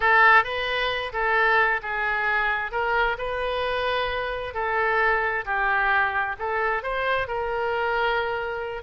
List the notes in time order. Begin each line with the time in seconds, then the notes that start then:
0.00 A4
0.44 B4
1.12 A4
1.82 G#4
2.71 A#4
3.18 B4
4.54 A4
5.45 G4
6.38 A4
6.82 C5
7.27 A#4